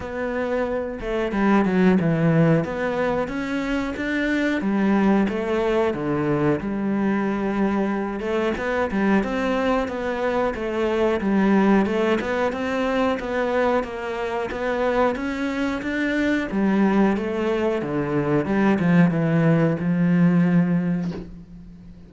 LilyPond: \new Staff \with { instrumentName = "cello" } { \time 4/4 \tempo 4 = 91 b4. a8 g8 fis8 e4 | b4 cis'4 d'4 g4 | a4 d4 g2~ | g8 a8 b8 g8 c'4 b4 |
a4 g4 a8 b8 c'4 | b4 ais4 b4 cis'4 | d'4 g4 a4 d4 | g8 f8 e4 f2 | }